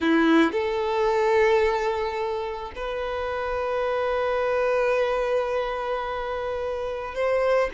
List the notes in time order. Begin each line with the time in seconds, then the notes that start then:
0.01 E4
0.52 A4
2.75 B4
7.14 C5